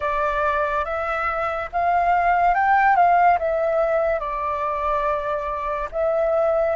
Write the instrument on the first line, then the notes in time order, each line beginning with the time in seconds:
flute
0.00 D5
0.85 E5
1.72 F5
2.54 G5
2.95 F5
3.38 E5
4.19 D5
5.91 E5